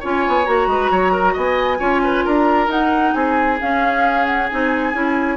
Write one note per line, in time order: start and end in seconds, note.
0.00 0.27 C#4
0.00 0.45 F4
0.00 0.67 C#5
0.00 0.46 G#5
0.28 0.47 B3
0.45 0.67 A#3
0.45 1.78 F#4
0.45 1.36 A#5
0.67 0.89 G#3
0.67 0.91 B4
0.91 1.36 F#3
0.91 1.12 C#5
1.12 1.33 A#4
1.33 1.80 B3
1.33 1.78 D#5
1.33 2.25 G#5
1.78 2.25 C#4
1.78 2.68 F4
1.78 2.01 C#5
2.04 2.25 B4
2.25 2.68 D4
2.25 3.14 A#4
2.25 2.70 A#5
2.68 3.13 D#4
2.68 3.58 D#4
2.68 3.14 F#5
3.14 3.60 C4
3.14 5.37 G#4
3.14 3.58 G#5
3.60 4.50 C#4
3.60 4.51 C#4
3.60 4.26 F5
4.26 4.49 F#5
4.50 4.94 C4
4.50 4.94 D#4
4.50 5.37 G#5
4.94 5.37 C#4
4.94 5.37 E4